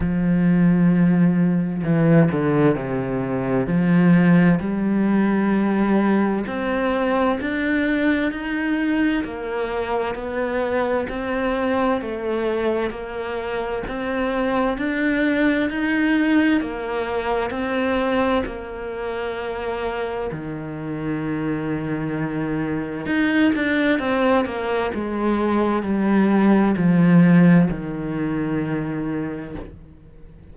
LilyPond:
\new Staff \with { instrumentName = "cello" } { \time 4/4 \tempo 4 = 65 f2 e8 d8 c4 | f4 g2 c'4 | d'4 dis'4 ais4 b4 | c'4 a4 ais4 c'4 |
d'4 dis'4 ais4 c'4 | ais2 dis2~ | dis4 dis'8 d'8 c'8 ais8 gis4 | g4 f4 dis2 | }